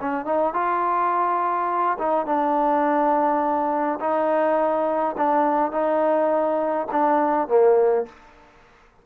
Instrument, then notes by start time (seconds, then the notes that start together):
trombone
0.00 C#4
0.25 D#4
0.53 F4
1.98 D#4
2.26 D4
4.00 D#4
5.17 D4
5.71 D#4
6.92 D4
7.48 A#3